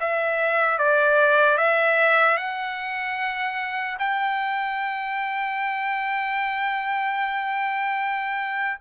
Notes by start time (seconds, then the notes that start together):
0.00 E5
0.78 D5
1.57 E5
2.37 F#5
3.99 G5